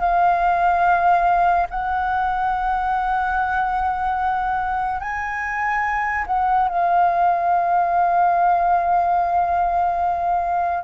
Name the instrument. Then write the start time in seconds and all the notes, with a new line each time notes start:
flute
0.00 F5
1.70 F#5
5.00 G#5
6.27 F#5
6.68 F5